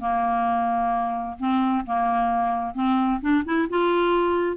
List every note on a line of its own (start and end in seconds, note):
0.00 1.37 A#3
1.39 1.85 C4
1.86 2.75 A#3
2.75 3.21 C4
3.21 3.44 D4
3.45 3.68 E4
3.70 4.57 F4